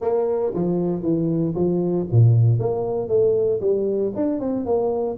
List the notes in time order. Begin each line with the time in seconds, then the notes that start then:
0.01 A#3
0.54 F3
1.02 E3
1.54 F3
2.11 A#2
2.59 A#3
3.08 A3
3.61 G3
4.15 D4
4.39 C4
4.65 A#3